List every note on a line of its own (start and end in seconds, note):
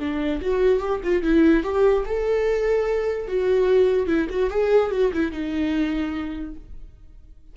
0.00 0.41 D4
0.42 0.81 F#4
0.81 1.01 G4
1.04 1.23 F4
1.23 1.64 E4
1.64 2.05 G4
2.06 3.28 A4
3.28 4.07 F#4
4.07 4.28 E4
4.30 4.51 F#4
4.51 4.92 G#4
4.92 5.12 F#4
5.13 5.33 E4
5.33 6.56 D#4